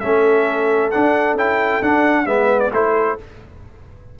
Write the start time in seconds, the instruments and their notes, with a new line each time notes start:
0.00 tuba A3, trombone C#4, horn A4, trumpet E5
0.91 trombone D4, tuba D4, trumpet F#5
1.34 tuba C#4, trombone E4, trumpet G5
1.82 tuba D4, trombone D4, trumpet F#5
2.26 tuba G#3, trombone B3, horn B4, trumpet E5
2.60 trumpet D5
2.73 tuba A3, trombone E4, horn A4, trumpet C5